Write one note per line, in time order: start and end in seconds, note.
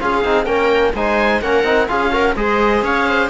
0.00 0.25 C#4
0.00 0.24 F4
0.00 0.46 G#4
0.00 0.45 F5
0.25 0.46 C4
0.25 0.47 D#4
0.45 0.94 A#3
0.45 0.94 C#4
0.45 0.94 A#4
0.45 0.92 G5
0.94 1.41 G#3
0.94 1.43 D#4
0.94 1.42 C5
0.94 1.42 G#5
1.41 1.64 A#3
1.41 1.65 C#4
1.41 1.89 A#4
1.41 1.88 F#5
1.64 1.88 C4
1.64 1.89 D#4
1.88 2.36 C#4
1.88 2.12 F4
1.88 2.13 G#4
1.88 2.36 F5
2.12 2.35 F#4
2.12 2.36 A#4
2.36 2.83 G#3
2.36 3.30 G#4
2.36 2.85 C5
2.36 2.84 D#5
2.83 3.30 C#4
2.83 3.09 C#5
2.83 3.30 F5
3.09 3.30 C5